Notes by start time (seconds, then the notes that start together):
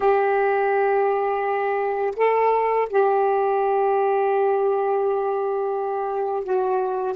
0.00 G4
2.16 A4
2.89 G4
6.44 F#4